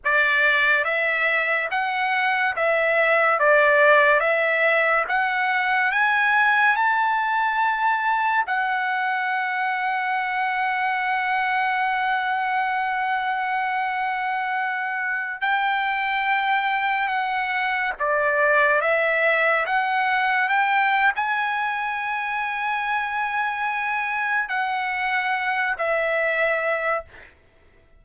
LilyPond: \new Staff \with { instrumentName = "trumpet" } { \time 4/4 \tempo 4 = 71 d''4 e''4 fis''4 e''4 | d''4 e''4 fis''4 gis''4 | a''2 fis''2~ | fis''1~ |
fis''2~ fis''16 g''4.~ g''16~ | g''16 fis''4 d''4 e''4 fis''8.~ | fis''16 g''8. gis''2.~ | gis''4 fis''4. e''4. | }